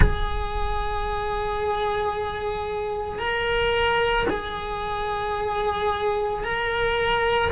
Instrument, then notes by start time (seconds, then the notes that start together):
cello
0.00 G#4
3.19 A#4
4.29 G#4
6.43 A#4